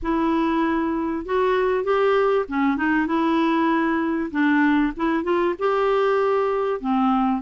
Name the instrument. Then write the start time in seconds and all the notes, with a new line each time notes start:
clarinet
0.02 E4
1.25 F#4
1.84 G4
2.48 C#4
2.77 D#4
3.06 E4
4.31 D4
4.96 E4
5.23 F4
5.58 G4
6.80 C4